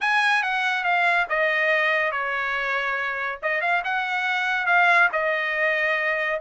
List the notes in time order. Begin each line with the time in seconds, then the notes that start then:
0.00 G#5
0.42 F#5
0.84 F5
1.29 D#5
2.11 C#5
3.42 D#5
3.61 F5
3.84 F#5
4.66 F5
5.12 D#5